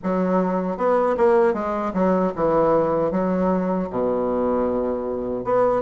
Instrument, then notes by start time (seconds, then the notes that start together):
bassoon
0.03 F#3
0.77 B3
1.17 A#3
1.53 G#3
1.93 F#3
2.35 E3
3.11 F#3
3.90 B2
5.44 B3